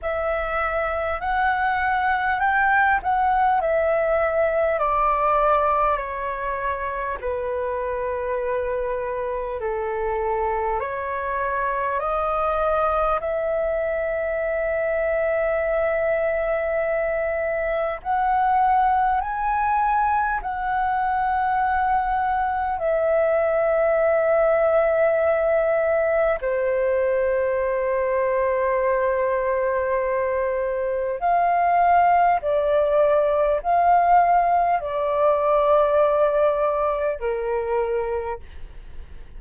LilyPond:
\new Staff \with { instrumentName = "flute" } { \time 4/4 \tempo 4 = 50 e''4 fis''4 g''8 fis''8 e''4 | d''4 cis''4 b'2 | a'4 cis''4 dis''4 e''4~ | e''2. fis''4 |
gis''4 fis''2 e''4~ | e''2 c''2~ | c''2 f''4 d''4 | f''4 d''2 ais'4 | }